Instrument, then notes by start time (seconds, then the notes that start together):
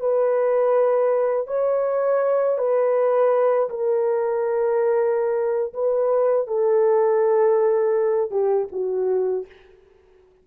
horn
0.00 B4
1.47 C#5
2.58 B4
3.70 A#4
5.74 B4
6.47 A4
8.31 G4
8.72 F#4